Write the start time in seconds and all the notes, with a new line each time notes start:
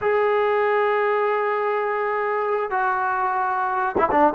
0.01 G#4
2.70 F#4
3.98 E4
4.11 D4